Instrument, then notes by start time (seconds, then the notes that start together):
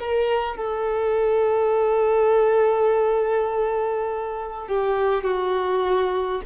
violin
0.00 A#4
0.56 A4
4.68 G4
5.24 F#4